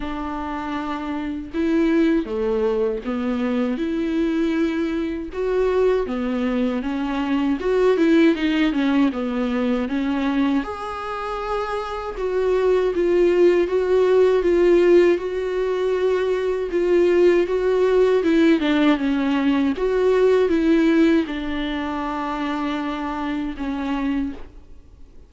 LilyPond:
\new Staff \with { instrumentName = "viola" } { \time 4/4 \tempo 4 = 79 d'2 e'4 a4 | b4 e'2 fis'4 | b4 cis'4 fis'8 e'8 dis'8 cis'8 | b4 cis'4 gis'2 |
fis'4 f'4 fis'4 f'4 | fis'2 f'4 fis'4 | e'8 d'8 cis'4 fis'4 e'4 | d'2. cis'4 | }